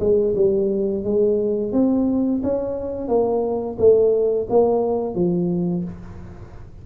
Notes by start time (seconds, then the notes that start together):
0.00 G#3
0.35 G3
1.04 G#3
1.72 C4
2.43 C#4
3.08 A#3
3.78 A3
4.50 A#3
5.15 F3